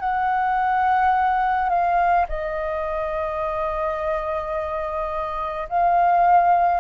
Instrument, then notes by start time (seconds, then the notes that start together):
flute
0.00 F#5
1.70 F5
2.29 D#5
5.69 F5